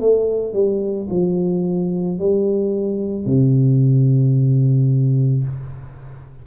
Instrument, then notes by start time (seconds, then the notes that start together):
tuba
0.00 A3
0.54 G3
1.10 F3
2.19 G3
3.26 C3